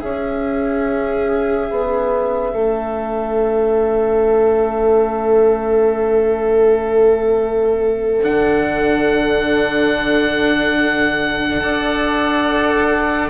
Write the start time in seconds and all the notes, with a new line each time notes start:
0.00 C#4 G#4 E5
1.71 B3
2.53 A3 A4
8.24 D3 D4 F#5
11.61 D4 A4 D5